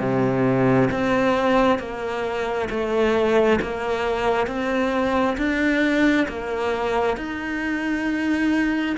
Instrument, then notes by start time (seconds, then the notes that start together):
cello
0.00 C3
0.92 C4
1.80 A#3
2.70 A3
3.62 A#3
4.48 C4
5.38 D4
6.28 A#3
7.18 D#4